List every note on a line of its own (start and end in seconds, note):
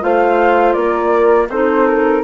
0.00 0.75 A3
0.00 1.48 F4
0.00 0.76 C5
0.00 0.73 F5
0.73 1.49 A#3
0.73 1.50 A#4
0.73 1.47 D5
1.49 2.23 C4
1.49 2.23 D#4
1.49 2.23 A4
1.49 1.87 C5
1.87 2.23 A#4